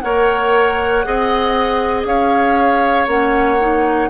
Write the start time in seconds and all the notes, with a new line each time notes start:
0.00 A#3 A#4 C#5 F#5
1.04 C4 G#4 D#5
2.05 C#4 C#5 F5
3.07 A#3 C#4 F#5
3.60 D#4